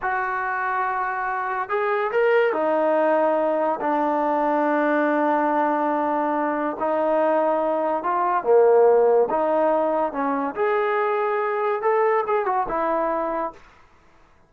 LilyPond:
\new Staff \with { instrumentName = "trombone" } { \time 4/4 \tempo 4 = 142 fis'1 | gis'4 ais'4 dis'2~ | dis'4 d'2.~ | d'1 |
dis'2. f'4 | ais2 dis'2 | cis'4 gis'2. | a'4 gis'8 fis'8 e'2 | }